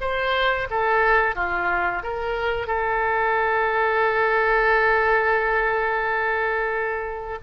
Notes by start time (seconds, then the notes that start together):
0.00 C5
0.70 A4
1.35 F4
2.03 A#4
2.67 A4